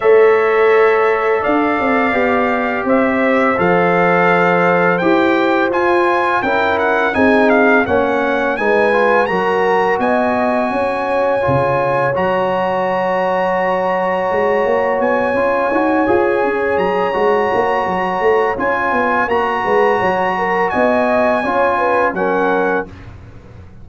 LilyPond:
<<
  \new Staff \with { instrumentName = "trumpet" } { \time 4/4 \tempo 4 = 84 e''2 f''2 | e''4 f''2 g''4 | gis''4 g''8 fis''8 gis''8 f''8 fis''4 | gis''4 ais''4 gis''2~ |
gis''4 ais''2.~ | ais''4 gis''2~ gis''8 ais''8~ | ais''2 gis''4 ais''4~ | ais''4 gis''2 fis''4 | }
  \new Staff \with { instrumentName = "horn" } { \time 4/4 cis''2 d''2 | c''1~ | c''4 ais'4 gis'4 cis''4 | b'4 ais'4 dis''4 cis''4~ |
cis''1~ | cis''1~ | cis''2.~ cis''8 b'8 | cis''8 ais'8 dis''4 cis''8 b'8 ais'4 | }
  \new Staff \with { instrumentName = "trombone" } { \time 4/4 a'2. g'4~ | g'4 a'2 g'4 | f'4 e'4 dis'4 cis'4 | dis'8 f'8 fis'2. |
f'4 fis'2.~ | fis'4. f'8 fis'8 gis'4. | fis'2 f'4 fis'4~ | fis'2 f'4 cis'4 | }
  \new Staff \with { instrumentName = "tuba" } { \time 4/4 a2 d'8 c'8 b4 | c'4 f2 e'4 | f'4 cis'4 c'4 ais4 | gis4 fis4 b4 cis'4 |
cis4 fis2. | gis8 ais8 b8 cis'8 dis'8 f'8 cis'8 fis8 | gis8 ais8 fis8 a8 cis'8 b8 ais8 gis8 | fis4 b4 cis'4 fis4 | }
>>